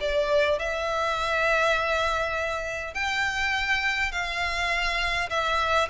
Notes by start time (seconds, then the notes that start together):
0.00 D5
0.59 E5
2.94 G5
4.11 F5
5.30 E5